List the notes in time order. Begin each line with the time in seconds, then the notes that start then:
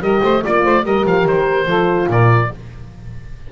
0.00 G3 G4 A#4 D#5
0.23 A3 C5
0.42 A#3 F4 D5
0.63 A3 C5
0.84 G3 G4 A#4 D#5
1.05 F3 F5
1.25 D#3 C5
1.65 F3 F4 A4
2.08 A#2 A#4 D5